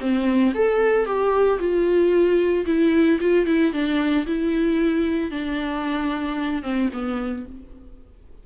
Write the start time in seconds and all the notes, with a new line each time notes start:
0.00 C4
0.54 A4
1.05 G4
1.59 F4
2.66 E4
3.20 F4
3.46 E4
3.73 D4
4.26 E4
5.31 D4
6.63 C4
6.93 B3